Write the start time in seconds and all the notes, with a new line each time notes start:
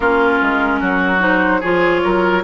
0.00 A#3 C#4 F4 A#4
0.41 G#3
0.80 F#3 F#4
1.19 D#4 C5
1.60 F3 F4 G#4 C#5
2.03 F#3 A#4